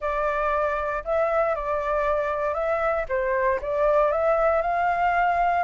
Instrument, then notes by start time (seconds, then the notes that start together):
flute
0.00 D5
1.04 E5
1.55 D5
2.54 E5
3.08 C5
3.61 D5
4.11 E5
4.61 F5